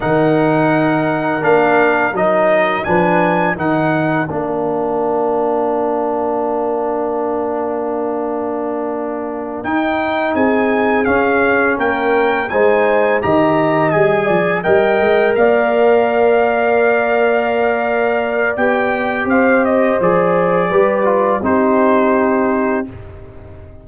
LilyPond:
<<
  \new Staff \with { instrumentName = "trumpet" } { \time 4/4 \tempo 4 = 84 fis''2 f''4 dis''4 | gis''4 fis''4 f''2~ | f''1~ | f''4. g''4 gis''4 f''8~ |
f''8 g''4 gis''4 ais''4 gis''8~ | gis''8 g''4 f''2~ f''8~ | f''2 g''4 f''8 dis''8 | d''2 c''2 | }
  \new Staff \with { instrumentName = "horn" } { \time 4/4 ais'1 | b'4 ais'2.~ | ais'1~ | ais'2~ ais'8 gis'4.~ |
gis'8 ais'4 c''4 dis''4. | d''8 dis''4 d''2~ d''8~ | d''2. c''4~ | c''4 b'4 g'2 | }
  \new Staff \with { instrumentName = "trombone" } { \time 4/4 dis'2 d'4 dis'4 | d'4 dis'4 d'2~ | d'1~ | d'4. dis'2 cis'8~ |
cis'4. dis'4 g'4 gis'8~ | gis'8 ais'2.~ ais'8~ | ais'2 g'2 | gis'4 g'8 f'8 dis'2 | }
  \new Staff \with { instrumentName = "tuba" } { \time 4/4 dis2 ais4 fis4 | f4 dis4 ais2~ | ais1~ | ais4. dis'4 c'4 cis'8~ |
cis'8 ais4 gis4 dis4 g8 | f8 g8 gis8 ais2~ ais8~ | ais2 b4 c'4 | f4 g4 c'2 | }
>>